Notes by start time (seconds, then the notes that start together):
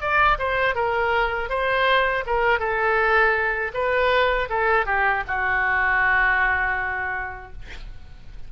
0.00 D5
0.38 C5
0.75 A#4
1.49 C5
2.26 A#4
2.59 A4
3.73 B4
4.49 A4
4.85 G4
5.27 F#4